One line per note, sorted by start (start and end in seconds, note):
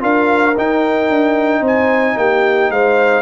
0.00 0.56 D4
0.00 0.54 F4
0.00 1.61 A#4
0.00 0.57 F5
0.57 1.10 D#4
0.57 3.22 D#4
0.57 1.65 G5
1.10 1.61 D4
1.61 2.15 C4
1.61 2.15 C5
1.61 2.18 G#5
2.17 2.70 A#3
2.17 2.72 G4
2.17 2.71 G5
2.70 3.22 G#3
2.70 3.22 C5
2.70 3.22 F5